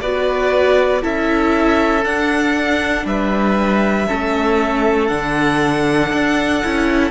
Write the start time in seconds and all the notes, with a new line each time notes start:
0.00 B3 F#4 B4 D5
1.01 C#4 E4 A4 E5
2.03 D4 F#5
3.05 G3 B4 E5
4.07 A3 C#4 A4
5.07 D3 D4 F#5
6.12 D4
6.63 C#4 E4